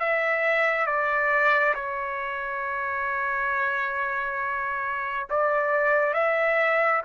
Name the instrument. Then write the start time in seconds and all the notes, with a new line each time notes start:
trumpet
0.00 E5
0.86 D5
1.75 C#5
5.30 D5
6.14 E5